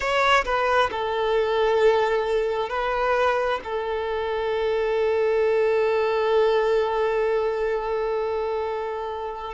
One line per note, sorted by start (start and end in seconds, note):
0.00 0.44 C#5
0.44 0.90 B4
0.91 2.69 A4
2.69 3.60 B4
3.64 9.54 A4